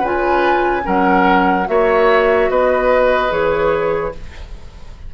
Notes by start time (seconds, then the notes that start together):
0.00 C#3 F4 B4 G#5
0.82 F#3 C#4 A#4 F#5
1.67 A#3 F#4 C#5 E5
2.50 B3 B4 D#5
3.30 E3 G#4 C#5